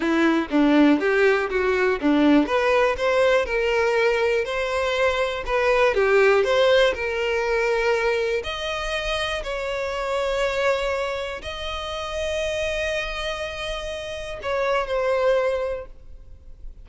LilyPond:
\new Staff \with { instrumentName = "violin" } { \time 4/4 \tempo 4 = 121 e'4 d'4 g'4 fis'4 | d'4 b'4 c''4 ais'4~ | ais'4 c''2 b'4 | g'4 c''4 ais'2~ |
ais'4 dis''2 cis''4~ | cis''2. dis''4~ | dis''1~ | dis''4 cis''4 c''2 | }